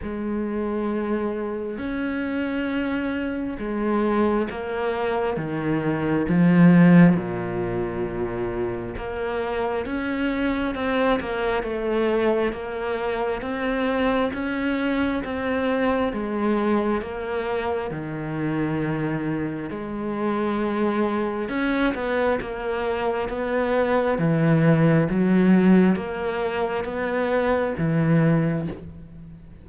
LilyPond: \new Staff \with { instrumentName = "cello" } { \time 4/4 \tempo 4 = 67 gis2 cis'2 | gis4 ais4 dis4 f4 | ais,2 ais4 cis'4 | c'8 ais8 a4 ais4 c'4 |
cis'4 c'4 gis4 ais4 | dis2 gis2 | cis'8 b8 ais4 b4 e4 | fis4 ais4 b4 e4 | }